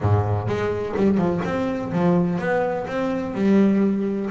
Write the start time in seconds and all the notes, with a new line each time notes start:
0.00 G#2
0.47 G#3
0.96 G3
1.17 F3
1.44 C4
1.92 F3
2.39 B3
2.87 C4
3.34 G3